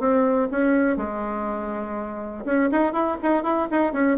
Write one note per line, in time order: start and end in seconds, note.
0.00 0.49 C4
0.52 0.97 C#4
0.97 2.45 G#3
2.46 2.70 C#4
2.72 2.93 D#4
2.93 3.18 E4
3.23 3.44 D#4
3.44 3.68 E4
3.72 3.93 D#4
3.93 4.18 C#4